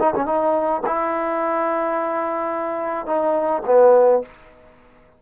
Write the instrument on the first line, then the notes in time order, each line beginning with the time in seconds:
trombone
0.00 D#4
0.16 C#4
0.26 D#4
0.86 E4
3.06 D#4
3.66 B3